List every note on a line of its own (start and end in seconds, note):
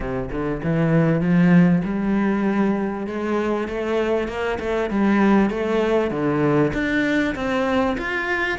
0.00 0.29 C3
0.31 0.61 D3
0.63 1.21 E3
1.21 1.82 F3
1.84 3.06 G3
3.06 3.67 G#3
3.67 4.27 A3
4.27 4.58 A#3
4.59 4.90 A3
4.90 5.49 G3
5.49 6.10 A3
6.10 6.72 D3
6.73 7.34 D4
7.35 7.96 C4
7.97 8.58 F4